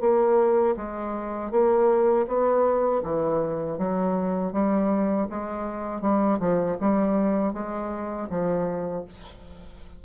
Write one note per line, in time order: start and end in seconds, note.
0.00 0.75 A#3
0.76 1.51 G#3
1.51 2.26 A#3
2.27 3.02 B3
3.03 3.78 E3
3.78 4.52 F#3
4.52 5.27 G3
5.29 6.01 G#3
6.01 6.38 G3
6.39 6.77 F3
6.80 7.53 G3
7.53 8.28 G#3
8.29 9.04 F3